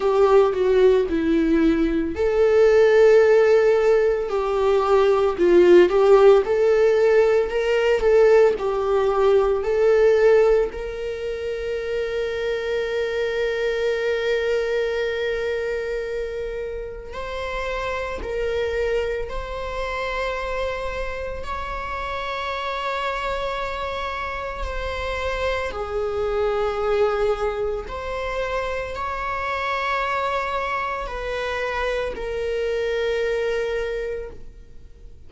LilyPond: \new Staff \with { instrumentName = "viola" } { \time 4/4 \tempo 4 = 56 g'8 fis'8 e'4 a'2 | g'4 f'8 g'8 a'4 ais'8 a'8 | g'4 a'4 ais'2~ | ais'1 |
c''4 ais'4 c''2 | cis''2. c''4 | gis'2 c''4 cis''4~ | cis''4 b'4 ais'2 | }